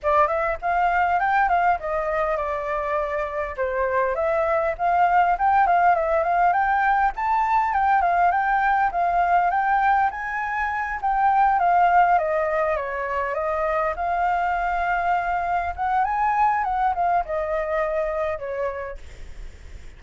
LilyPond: \new Staff \with { instrumentName = "flute" } { \time 4/4 \tempo 4 = 101 d''8 e''8 f''4 g''8 f''8 dis''4 | d''2 c''4 e''4 | f''4 g''8 f''8 e''8 f''8 g''4 | a''4 g''8 f''8 g''4 f''4 |
g''4 gis''4. g''4 f''8~ | f''8 dis''4 cis''4 dis''4 f''8~ | f''2~ f''8 fis''8 gis''4 | fis''8 f''8 dis''2 cis''4 | }